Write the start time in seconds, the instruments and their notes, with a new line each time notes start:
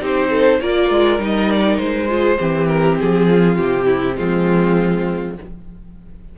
0.00 cello C4, viola D#4, violin G4 C5
0.30 violin A4
0.61 cello A#3, viola F4, violin A#4 D5
0.90 cello G#3
1.18 cello G3, viola D#4
1.25 violin D#5
1.51 violin D5
1.78 cello G#3, violin C5
2.08 viola F4, violin G#4
2.38 cello E3, viola C4, violin G4
2.67 violin A#4
2.99 cello F3, violin G#4
3.27 violin F4
3.57 cello C3, violin G4
3.86 violin E4
4.15 cello F3, viola G#3, violin C4 F4